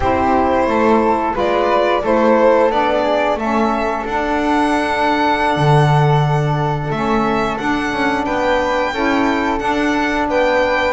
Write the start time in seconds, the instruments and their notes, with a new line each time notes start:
0.00 double bass C4, saxophone E4, flute G4, violin C5
0.66 double bass A3, flute A4
1.33 double bass G#3, saxophone F4, flute B4, violin D5
2.02 double bass A3, saxophone E4, flute A4, violin C5
2.69 double bass B3, saxophone D4, violin D5
3.03 flute G#4
3.35 double bass A3, saxophone C#4, flute A4, violin E5
4.05 double bass D4, saxophone D4, violin F#5
5.56 double bass D3
6.90 double bass A3, saxophone C#4, violin E5
7.57 saxophone D4, double bass D4, violin F#5
7.92 double bass C#4
8.24 double bass B3, flute B4, violin G5
8.93 double bass C#4, saxophone E4, flute A4
9.58 saxophone D4, double bass D4, violin F#5
10.28 double bass B3, flute B4, violin G5